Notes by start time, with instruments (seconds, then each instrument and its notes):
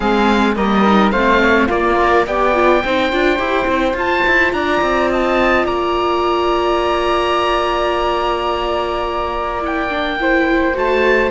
0.00 cello G#3, viola C4, flute G#4, oboe F5
0.56 cello G3, viola A#3, flute A#4, oboe D#5
0.86 viola D#4
1.11 cello A3, viola C4, flute C5, oboe F5
1.41 flute C#5
1.67 viola A#3, cello A#3, flute F4, oboe D5
2.00 viola A#4
2.26 cello B3, viola G4, flute D5, oboe G5
2.54 viola F4
2.84 cello C4, viola D#4, flute C5
3.12 cello D4, viola F4
3.38 cello E4, viola G4
3.66 cello C4, viola E4
3.93 cello F4, viola F4, oboe A5
4.26 cello E4
4.52 cello D4, flute D5, oboe A#5
4.81 cello C4
5.09 flute D#5, oboe A5
5.65 cello A#3, flute D5, oboe A#5
9.61 viola E4, oboe G5
9.89 viola D4
10.20 viola E4, flute C5
10.73 cello A3, viola F#4, oboe A5